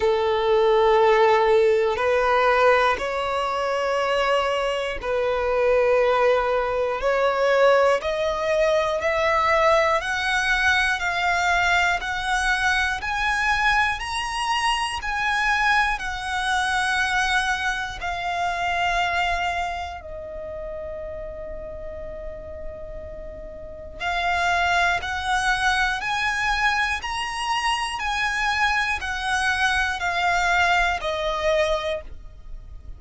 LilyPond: \new Staff \with { instrumentName = "violin" } { \time 4/4 \tempo 4 = 60 a'2 b'4 cis''4~ | cis''4 b'2 cis''4 | dis''4 e''4 fis''4 f''4 | fis''4 gis''4 ais''4 gis''4 |
fis''2 f''2 | dis''1 | f''4 fis''4 gis''4 ais''4 | gis''4 fis''4 f''4 dis''4 | }